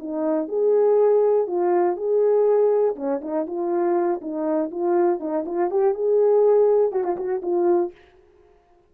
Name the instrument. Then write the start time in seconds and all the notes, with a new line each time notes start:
horn
0.00 D#4
0.49 G#4
1.48 F4
1.97 G#4
2.96 C#4
3.22 D#4
3.47 F4
4.22 D#4
4.72 F4
5.20 D#4
5.46 F4
5.71 G4
5.95 G#4
6.92 F#4
7.04 F4
7.17 F#4
7.43 F4